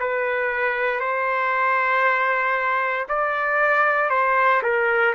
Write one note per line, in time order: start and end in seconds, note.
0.00 1.01 B4
1.01 3.08 C5
3.09 4.10 D5
4.10 4.62 C5
4.63 5.15 A#4